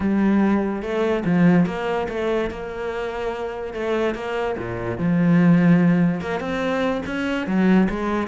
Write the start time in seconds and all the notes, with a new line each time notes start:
0.00 G3
0.82 A3
1.24 F3
1.66 A#3
2.09 A3
2.50 A#3
3.73 A3
4.14 A#3
4.58 A#2
4.97 F3
6.20 A#3
6.39 C4
7.06 C#4
7.46 F#3
7.89 G#3